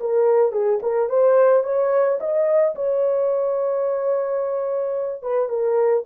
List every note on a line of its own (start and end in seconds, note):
0.00 0.52 A#4
0.52 0.80 G#4
0.82 1.09 A#4
1.09 1.63 C5
1.63 2.18 C#5
2.20 2.75 D#5
2.75 5.22 C#5
5.22 5.49 B4
5.49 6.04 A#4